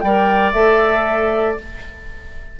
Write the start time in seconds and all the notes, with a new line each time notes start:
0.00 G3 A#4 D5 G5
0.52 A3 A4 E5